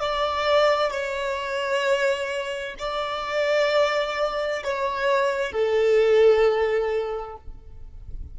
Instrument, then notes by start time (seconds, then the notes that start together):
violin
0.00 D5
0.91 C#5
2.79 D5
4.64 C#5
5.52 A4